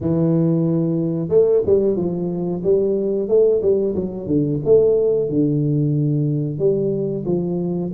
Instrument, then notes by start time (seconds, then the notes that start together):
tuba
0.01 E3
1.29 A3
1.65 G3
1.96 F3
2.63 G3
3.28 A3
3.61 G3
3.95 F#3
4.26 D3
4.65 A3
5.29 D3
6.58 G3
7.25 F3